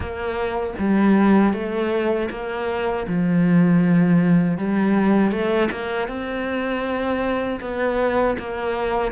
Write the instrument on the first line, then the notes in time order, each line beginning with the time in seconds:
cello
0.00 A#3
0.78 G3
1.53 A3
2.30 A#3
3.07 F3
4.57 G3
5.31 A3
5.71 A#3
6.08 C4
7.60 B3
8.38 A#3